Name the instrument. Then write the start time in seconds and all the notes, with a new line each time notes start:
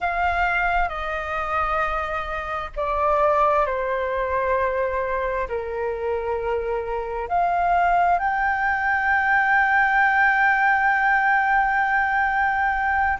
flute
0.00 F5
0.88 D#5
2.76 D5
3.66 C5
5.48 A#4
7.28 F5
8.19 G5